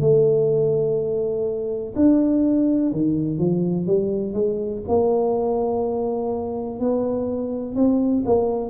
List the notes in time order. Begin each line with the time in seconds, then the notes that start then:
0.00 A3
1.95 D4
2.92 D#3
3.38 F3
3.86 G3
4.33 G#3
4.88 A#3
6.80 B3
7.75 C4
8.25 A#3